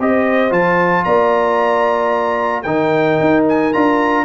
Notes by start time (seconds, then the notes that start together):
0.00 C4 G4 C5 D#5
0.50 F3 F4 A5
1.05 A#3 D5 A#5
2.63 D#3 D#4 A#4 G5
3.21 D#4
3.49 G#5
3.73 D4 F4 A#5